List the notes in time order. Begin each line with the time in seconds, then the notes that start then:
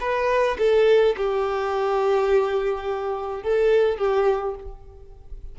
0.00 B4
0.59 A4
1.17 G4
3.43 A4
3.98 G4